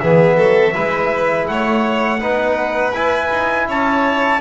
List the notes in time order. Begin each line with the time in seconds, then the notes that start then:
0.00 E3 B3 G#4 E5
0.37 F#3 A4
0.73 G#3 E4 B4
1.48 A3 C#5 F#5
2.20 B3 D#4 B4
2.92 E4 G#5
3.31 D#4
3.68 C#4 C#5 A5